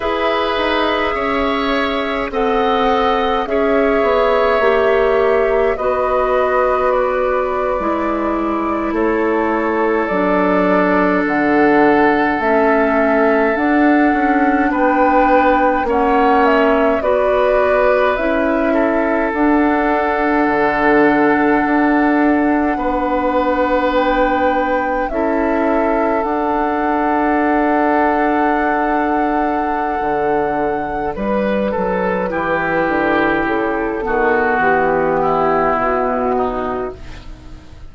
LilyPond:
<<
  \new Staff \with { instrumentName = "flute" } { \time 4/4 \tempo 4 = 52 e''2 fis''4 e''4~ | e''4 dis''4 d''4.~ d''16 cis''16~ | cis''8. d''4 fis''4 e''4 fis''16~ | fis''8. g''4 fis''8 e''8 d''4 e''16~ |
e''8. fis''2.~ fis''16~ | fis''8. g''4 e''4 fis''4~ fis''16~ | fis''2. b'4~ | b'4 a'4 g'4 fis'4 | }
  \new Staff \with { instrumentName = "oboe" } { \time 4/4 b'4 cis''4 dis''4 cis''4~ | cis''4 b'2~ b'8. a'16~ | a'1~ | a'8. b'4 cis''4 b'4~ b'16~ |
b'16 a'2.~ a'8 b'16~ | b'4.~ b'16 a'2~ a'16~ | a'2. b'8 a'8 | g'4. fis'4 e'4 dis'8 | }
  \new Staff \with { instrumentName = "clarinet" } { \time 4/4 gis'2 a'4 gis'4 | g'4 fis'4.~ fis'16 e'4~ e'16~ | e'8. d'2 cis'4 d'16~ | d'4.~ d'16 cis'4 fis'4 e'16~ |
e'8. d'2.~ d'16~ | d'4.~ d'16 e'4 d'4~ d'16~ | d'1 | e'4. b2~ b8 | }
  \new Staff \with { instrumentName = "bassoon" } { \time 4/4 e'8 dis'8 cis'4 c'4 cis'8 b8 | ais4 b4.~ b16 gis4 a16~ | a8. fis4 d4 a4 d'16~ | d'16 cis'8 b4 ais4 b4 cis'16~ |
cis'8. d'4 d4 d'4 b16~ | b4.~ b16 cis'4 d'4~ d'16~ | d'2 d4 g8 fis8 | e8 d8 cis8 dis8 e4 b,4 | }
>>